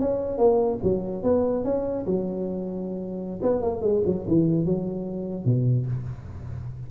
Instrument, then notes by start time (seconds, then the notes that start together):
tuba
0.00 C#4
0.38 A#3
0.83 F#3
1.23 B3
1.64 C#4
2.06 F#3
3.43 B3
3.62 A#3
3.82 G#3
4.06 F#3
4.28 E3
4.66 F#3
5.45 B2